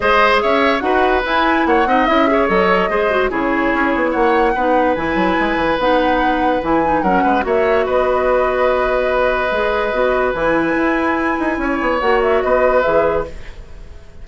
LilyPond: <<
  \new Staff \with { instrumentName = "flute" } { \time 4/4 \tempo 4 = 145 dis''4 e''4 fis''4 gis''4 | fis''4 e''4 dis''2 | cis''2 fis''2 | gis''2 fis''2 |
gis''4 fis''4 e''4 dis''4~ | dis''1~ | dis''4 gis''2.~ | gis''4 fis''8 e''8 dis''4 e''4 | }
  \new Staff \with { instrumentName = "oboe" } { \time 4/4 c''4 cis''4 b'2 | cis''8 dis''4 cis''4. c''4 | gis'2 cis''4 b'4~ | b'1~ |
b'4 ais'8 b'8 cis''4 b'4~ | b'1~ | b'1 | cis''2 b'2 | }
  \new Staff \with { instrumentName = "clarinet" } { \time 4/4 gis'2 fis'4 e'4~ | e'8 dis'8 e'8 gis'8 a'4 gis'8 fis'8 | e'2. dis'4 | e'2 dis'2 |
e'8 dis'8 cis'4 fis'2~ | fis'2. gis'4 | fis'4 e'2.~ | e'4 fis'2 gis'4 | }
  \new Staff \with { instrumentName = "bassoon" } { \time 4/4 gis4 cis'4 dis'4 e'4 | ais8 c'8 cis'4 fis4 gis4 | cis4 cis'8 b8 ais4 b4 | e8 fis8 gis8 e8 b2 |
e4 fis8 gis8 ais4 b4~ | b2. gis4 | b4 e4 e'4. dis'8 | cis'8 b8 ais4 b4 e4 | }
>>